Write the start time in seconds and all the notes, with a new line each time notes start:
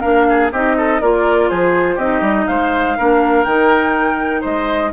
0.00 A#3 D4 A#4 F5
0.29 G#4
0.52 C4 D#4 G4 D#5
0.77 A4
1.01 A#3 F4 A#4 D5
1.49 F3 G#4 C5
1.95 C4 D#4 G4 D#5
2.21 G3
2.47 G#3 C5 F5
2.97 A#3 D4 A#4
3.44 D#3 D#4 G5
4.40 G#3 C5 D#5